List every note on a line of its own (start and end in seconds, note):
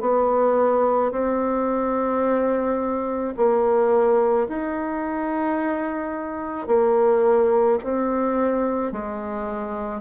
0.00 1.11 B3
1.12 3.34 C4
3.36 4.47 A#3
4.48 6.67 D#4
6.67 7.78 A#3
7.83 8.92 C4
8.92 10.01 G#3